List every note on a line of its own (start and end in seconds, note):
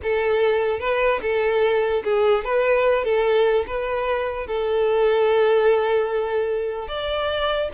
0.03 0.79 A4
0.79 1.20 B4
1.22 2.03 A4
2.04 2.44 G#4
2.44 3.04 B4
3.04 3.65 A4
3.67 4.46 B4
4.46 6.88 A4
6.88 7.69 D5